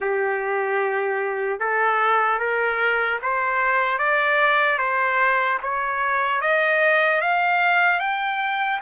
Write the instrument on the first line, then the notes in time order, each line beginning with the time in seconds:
trumpet
0.00 G4
1.59 A4
2.39 A#4
3.21 C5
3.98 D5
4.78 C5
5.62 C#5
6.41 D#5
7.21 F5
7.99 G5